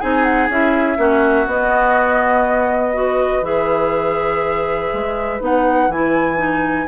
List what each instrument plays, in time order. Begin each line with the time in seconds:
0.00 bassoon C4, clarinet D#4, oboe G#4, flute G#5
0.24 flute F#5
0.49 bassoon C#4, clarinet E4, flute E5
0.97 bassoon A#3, clarinet C#4, oboe F#4
1.47 bassoon B3, clarinet B3, flute D#5
2.93 clarinet F#4, oboe B4
3.42 bassoon E3, clarinet G#4, flute E5
4.93 bassoon G#3
5.41 bassoon B3, clarinet D#4, flute F#5
5.89 bassoon E3, clarinet E4, flute G#5
6.37 clarinet D#4